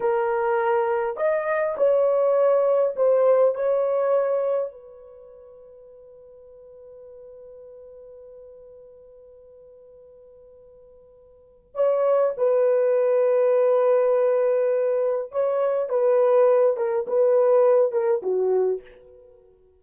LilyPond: \new Staff \with { instrumentName = "horn" } { \time 4/4 \tempo 4 = 102 ais'2 dis''4 cis''4~ | cis''4 c''4 cis''2 | b'1~ | b'1~ |
b'1 | cis''4 b'2.~ | b'2 cis''4 b'4~ | b'8 ais'8 b'4. ais'8 fis'4 | }